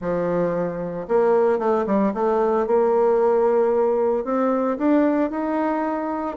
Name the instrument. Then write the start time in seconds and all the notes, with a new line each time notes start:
bassoon
0.01 F3
1.08 A#3
1.58 A3
1.86 G3
2.14 A3
2.66 A#3
4.24 C4
4.77 D4
5.30 D#4